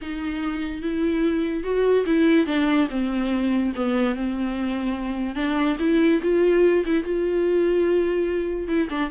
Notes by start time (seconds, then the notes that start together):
0.01 D#4
0.82 E4
1.63 F#4
2.06 E4
2.46 D4
2.89 C4
3.75 B3
4.15 C4
5.35 D4
5.79 E4
6.22 F4
6.85 E4
7.03 F4
8.67 E4
8.89 D4